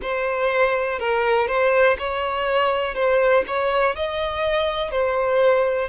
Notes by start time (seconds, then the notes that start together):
0.01 C5
0.99 A#4
1.48 C5
1.98 C#5
2.95 C5
3.47 C#5
3.95 D#5
4.91 C5